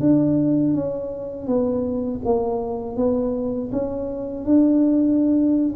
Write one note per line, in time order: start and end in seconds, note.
0.00 0.74 D4
0.74 1.47 C#4
1.47 2.21 B3
2.25 2.96 A#3
2.96 3.70 B3
3.72 4.44 C#4
4.44 5.74 D4